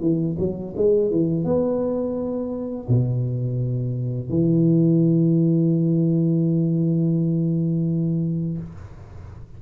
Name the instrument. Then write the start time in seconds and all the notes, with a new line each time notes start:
tuba
0.00 E3
0.38 F#3
0.76 G#3
1.10 E3
1.44 B3
2.88 B2
4.29 E3